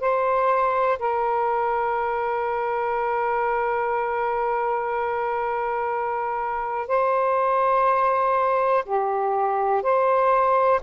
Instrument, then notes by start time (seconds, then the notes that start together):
saxophone
0.00 C5
0.99 A#4
6.88 C5
8.85 G4
9.82 C5